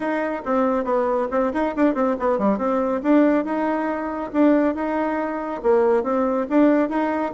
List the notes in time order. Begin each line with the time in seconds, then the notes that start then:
0.00 D#4
0.45 C4
0.84 B3
1.30 C4
1.53 D#4
1.75 D4
1.94 C4
2.19 B3
2.38 G3
2.57 C4
3.02 D4
3.44 D#4
4.32 D4
4.74 D#4
5.62 A#3
6.03 C4
6.49 D4
6.89 D#4